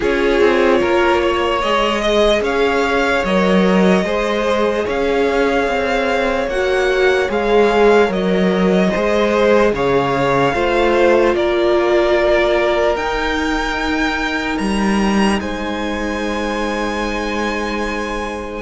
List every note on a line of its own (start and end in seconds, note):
0.00 0.40 C#4
0.00 1.59 F4
0.00 0.78 G#4
0.00 1.61 C#5
0.40 0.80 C4
0.80 1.63 A#3
0.80 1.21 A#4
1.22 2.01 C#5
1.61 2.41 G#3
1.61 3.25 G#4
1.61 2.42 D#5
2.01 2.41 D#5
2.41 3.22 C#4
2.41 4.04 C#5
2.41 3.24 F5
3.24 4.03 F#3
3.24 4.05 A#4
3.24 4.87 D#5
4.03 4.84 G#3
4.03 6.48 G#4
4.03 4.85 C5
4.85 5.67 C#4
4.85 8.91 C#5
4.85 6.49 F5
5.67 6.47 C4
6.47 7.28 A#3
6.47 7.28 F#4
6.47 7.30 F#5
7.28 8.08 G#3
7.28 8.07 G#4
7.28 8.12 F5
8.07 8.90 F#3
8.07 8.88 A#4
8.07 9.74 D#5
8.91 9.72 G#3
8.91 10.54 G#4
8.91 9.72 C5
9.72 10.53 C#3
9.72 10.54 C#5
9.72 11.35 F5
10.54 11.34 A3
10.54 12.97 F4
10.54 11.35 C5
11.34 12.95 A#3
11.34 15.40 A#4
11.34 12.96 D5
12.95 14.57 D#4
12.95 18.61 D#4
12.95 14.58 G5
14.58 15.40 G3
14.58 15.39 A#5
15.40 18.61 G#3
15.40 18.61 C5
15.40 18.61 G#5